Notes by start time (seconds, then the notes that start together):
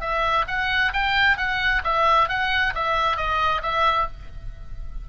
0.00 E5
0.47 F#5
0.93 G5
1.37 F#5
1.84 E5
2.29 F#5
2.75 E5
3.16 D#5
3.62 E5